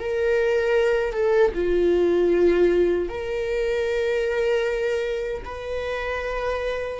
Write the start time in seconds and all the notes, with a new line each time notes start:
0.00 A#4
1.13 A4
1.55 F4
3.10 A#4
5.45 B4